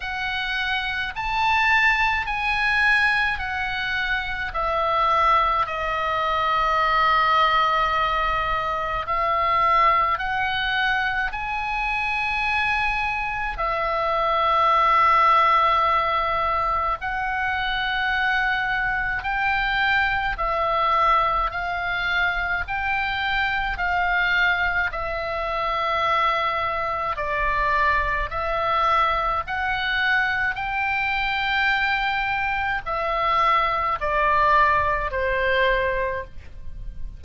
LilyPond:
\new Staff \with { instrumentName = "oboe" } { \time 4/4 \tempo 4 = 53 fis''4 a''4 gis''4 fis''4 | e''4 dis''2. | e''4 fis''4 gis''2 | e''2. fis''4~ |
fis''4 g''4 e''4 f''4 | g''4 f''4 e''2 | d''4 e''4 fis''4 g''4~ | g''4 e''4 d''4 c''4 | }